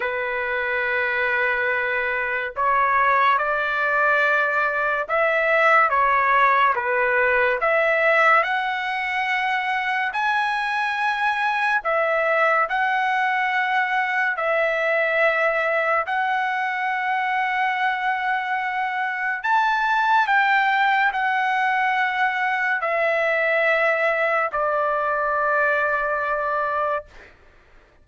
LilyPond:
\new Staff \with { instrumentName = "trumpet" } { \time 4/4 \tempo 4 = 71 b'2. cis''4 | d''2 e''4 cis''4 | b'4 e''4 fis''2 | gis''2 e''4 fis''4~ |
fis''4 e''2 fis''4~ | fis''2. a''4 | g''4 fis''2 e''4~ | e''4 d''2. | }